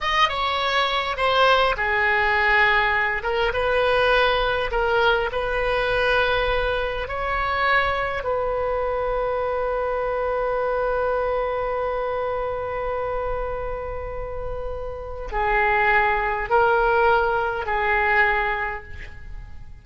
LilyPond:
\new Staff \with { instrumentName = "oboe" } { \time 4/4 \tempo 4 = 102 dis''8 cis''4. c''4 gis'4~ | gis'4. ais'8 b'2 | ais'4 b'2. | cis''2 b'2~ |
b'1~ | b'1~ | b'2 gis'2 | ais'2 gis'2 | }